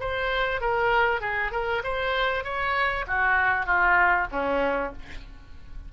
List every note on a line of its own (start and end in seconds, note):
0.00 0.61 C5
0.61 1.21 A#4
1.21 1.51 G#4
1.52 1.82 A#4
1.83 2.44 C5
2.44 3.05 C#5
3.07 3.66 F#4
3.66 4.27 F4
4.31 4.93 C#4